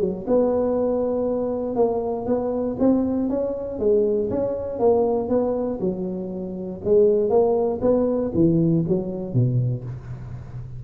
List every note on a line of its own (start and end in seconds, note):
0.00 0.25 F#3
0.27 1.75 B3
1.75 2.26 A#3
2.26 2.76 B3
2.79 3.29 C4
3.29 3.79 C#4
3.79 4.29 G#3
4.30 4.79 C#4
4.79 5.28 A#3
5.28 5.79 B3
5.80 6.81 F#3
6.84 7.29 G#3
7.29 7.79 A#3
7.81 8.31 B3
8.34 8.84 E3
8.87 9.33 F#3
9.33 9.84 B2